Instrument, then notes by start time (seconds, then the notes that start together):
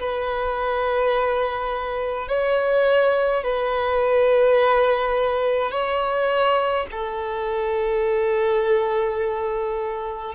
violin
0.00 B4
2.28 C#5
3.44 B4
5.71 C#5
6.91 A4